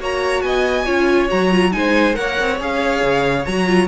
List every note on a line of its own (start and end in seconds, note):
0.00 0.43 A#3
0.00 0.86 F#4
0.00 0.44 C#5
0.00 0.42 A#5
0.42 0.87 B3
0.42 0.85 D#5
0.42 1.29 G#5
0.85 1.31 C#4
0.85 1.29 F4
0.85 1.72 C#5
1.29 1.74 F#3
1.29 1.51 F#4
1.29 1.73 A#5
1.52 1.72 F4
1.72 2.18 G#3
1.72 2.14 D#4
1.72 2.19 C5
1.72 2.16 G#5
2.14 2.40 A#3
2.14 2.57 A#4
2.14 3.88 C#5
2.14 2.59 F#5
2.40 2.61 C4
2.61 3.03 C#4
2.61 3.47 G#4
2.61 3.46 F5
3.03 3.46 C#3
3.46 3.88 F#3
3.46 3.67 F#4
3.46 3.88 A#5
3.67 3.88 F4